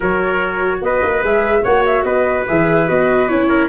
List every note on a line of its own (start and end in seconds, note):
0.00 0.81 F#3
0.00 1.22 F#4
0.00 0.80 A#4
0.00 0.83 C#5
0.81 1.02 B3
0.81 1.63 B4
0.81 1.24 D#5
1.02 1.23 A#3
1.23 1.64 G#3
1.23 1.64 G#4
1.23 1.64 E5
1.63 2.04 A#3
1.63 2.47 F#4
1.63 2.04 C#5
1.63 1.84 F#5
1.85 2.03 E5
2.03 2.45 B3
2.03 3.48 B4
2.03 2.45 D#5
2.47 2.89 E3
2.47 2.87 G#4
2.47 2.88 E5
2.87 3.30 B3
2.87 3.28 F#4
2.87 3.28 D#5
3.28 3.68 C#4
3.28 3.68 E4
3.28 3.68 C#5
3.48 3.68 A#4